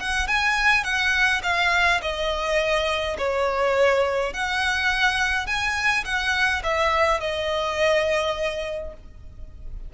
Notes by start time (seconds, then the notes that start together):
0.00 F#5
0.28 G#5
0.84 F#5
1.43 F5
2.02 D#5
3.18 C#5
4.34 F#5
5.47 G#5
6.05 F#5
6.63 E5
7.20 D#5